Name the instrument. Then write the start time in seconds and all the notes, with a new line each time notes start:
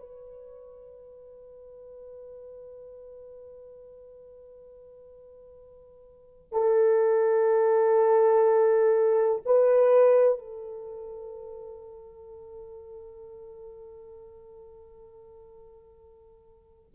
horn
0.00 B4
6.53 A4
9.46 B4
10.39 A4